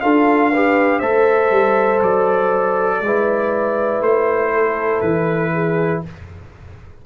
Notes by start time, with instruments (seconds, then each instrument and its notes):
0.00 tuba D4, trombone F4, horn A4, trumpet F5
0.50 trombone G4, horn B4
0.99 tuba A3, trombone A4, horn C5, trumpet E5
1.50 tuba G3
2.02 tuba F#3, trumpet D5
3.01 tuba G#3, trombone E4, horn B4
4.00 tuba A3, trumpet C5
4.53 horn A4
5.01 tuba E3, trumpet B4
5.53 horn G#4